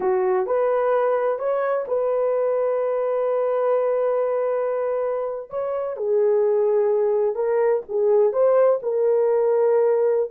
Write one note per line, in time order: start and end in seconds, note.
0.00 0.46 F#4
0.46 1.38 B4
1.38 1.85 C#5
1.87 5.50 B4
5.50 5.96 C#5
5.96 7.35 G#4
7.35 7.82 A#4
7.88 8.32 G#4
8.32 8.79 C5
8.82 10.30 A#4